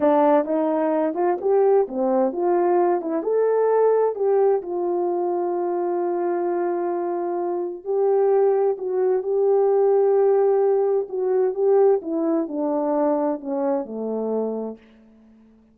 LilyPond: \new Staff \with { instrumentName = "horn" } { \time 4/4 \tempo 4 = 130 d'4 dis'4. f'8 g'4 | c'4 f'4. e'8 a'4~ | a'4 g'4 f'2~ | f'1~ |
f'4 g'2 fis'4 | g'1 | fis'4 g'4 e'4 d'4~ | d'4 cis'4 a2 | }